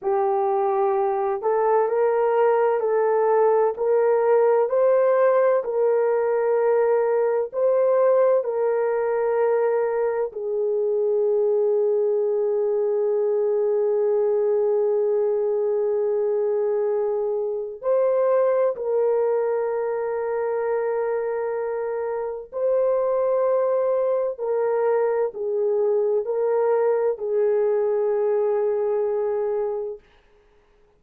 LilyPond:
\new Staff \with { instrumentName = "horn" } { \time 4/4 \tempo 4 = 64 g'4. a'8 ais'4 a'4 | ais'4 c''4 ais'2 | c''4 ais'2 gis'4~ | gis'1~ |
gis'2. c''4 | ais'1 | c''2 ais'4 gis'4 | ais'4 gis'2. | }